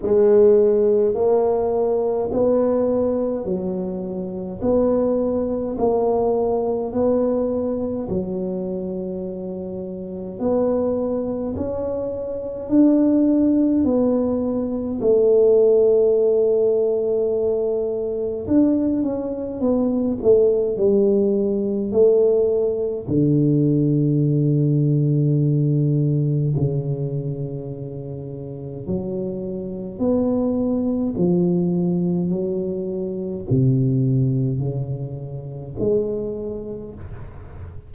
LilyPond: \new Staff \with { instrumentName = "tuba" } { \time 4/4 \tempo 4 = 52 gis4 ais4 b4 fis4 | b4 ais4 b4 fis4~ | fis4 b4 cis'4 d'4 | b4 a2. |
d'8 cis'8 b8 a8 g4 a4 | d2. cis4~ | cis4 fis4 b4 f4 | fis4 c4 cis4 gis4 | }